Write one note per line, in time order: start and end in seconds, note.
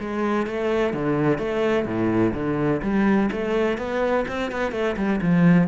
0.00 0.47 G#3
0.47 0.94 A3
0.94 1.38 D3
1.38 1.85 A3
1.85 2.33 A2
2.34 2.81 D3
2.82 3.30 G3
3.32 3.78 A3
3.78 4.26 B3
4.28 4.52 C4
4.52 4.72 B3
4.72 4.96 A3
4.97 5.20 G3
5.21 5.68 F3